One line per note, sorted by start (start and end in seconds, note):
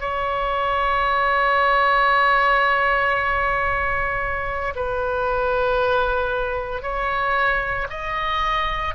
0.00 4.74 C#5
4.76 6.82 B4
6.82 7.87 C#5
7.89 8.94 D#5